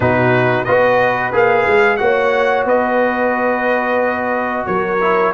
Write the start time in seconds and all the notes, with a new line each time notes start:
0.00 B2 D#4 F#4 B4
0.64 B3 F#4 B4 D#5
1.32 A#3 G#4 F5
1.67 G#3
1.96 A#3 F#4 C#5 F#5
2.65 B3 B4 D#5
4.65 F#3 A#4 C#5
5.01 E4